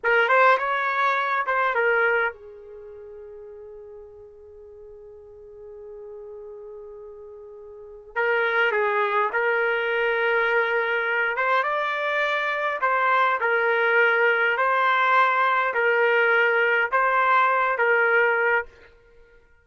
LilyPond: \new Staff \with { instrumentName = "trumpet" } { \time 4/4 \tempo 4 = 103 ais'8 c''8 cis''4. c''8 ais'4 | gis'1~ | gis'1~ | gis'2 ais'4 gis'4 |
ais'2.~ ais'8 c''8 | d''2 c''4 ais'4~ | ais'4 c''2 ais'4~ | ais'4 c''4. ais'4. | }